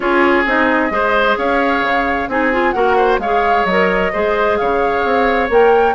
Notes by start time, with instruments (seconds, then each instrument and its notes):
0.00 bassoon C#4, clarinet F4, oboe G#4, flute C#5
0.45 bassoon C4, clarinet D#4, flute D#5
0.89 bassoon G#3, clarinet G#4, oboe C5
1.38 bassoon C#4, oboe C#5, flute F5
1.82 bassoon C#3
2.28 bassoon C4, clarinet D#4, oboe G#4, flute G#5
2.52 clarinet F4
2.71 bassoon A#3, clarinet F#4, oboe A#4, flute F#5
2.96 oboe C5
3.18 bassoon G#3, clarinet G#4, oboe C#5, flute F5
3.65 bassoon F#3, clarinet A#4, flute D#5
4.12 bassoon G#3, clarinet G#4, oboe C5
4.57 bassoon C#3, oboe C#5, flute F5
5.04 bassoon C4
5.49 bassoon A#3, clarinet A#4, flute G5